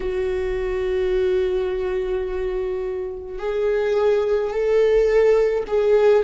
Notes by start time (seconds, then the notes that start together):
0.00 F#4
3.39 G#4
4.50 A4
5.67 G#4